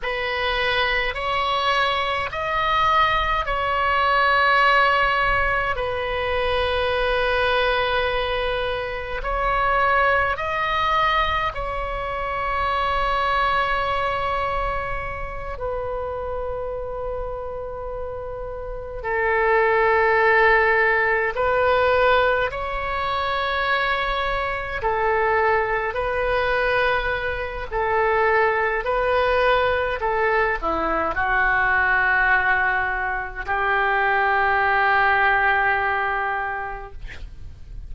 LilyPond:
\new Staff \with { instrumentName = "oboe" } { \time 4/4 \tempo 4 = 52 b'4 cis''4 dis''4 cis''4~ | cis''4 b'2. | cis''4 dis''4 cis''2~ | cis''4. b'2~ b'8~ |
b'8 a'2 b'4 cis''8~ | cis''4. a'4 b'4. | a'4 b'4 a'8 e'8 fis'4~ | fis'4 g'2. | }